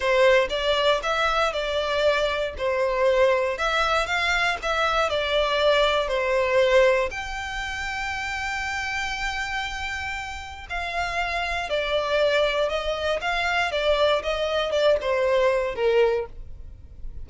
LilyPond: \new Staff \with { instrumentName = "violin" } { \time 4/4 \tempo 4 = 118 c''4 d''4 e''4 d''4~ | d''4 c''2 e''4 | f''4 e''4 d''2 | c''2 g''2~ |
g''1~ | g''4 f''2 d''4~ | d''4 dis''4 f''4 d''4 | dis''4 d''8 c''4. ais'4 | }